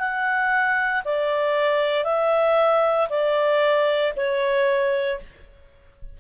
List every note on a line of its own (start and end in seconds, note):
0.00 1.03 F#5
1.05 2.05 D5
2.05 3.08 E5
3.10 4.14 D5
4.17 5.20 C#5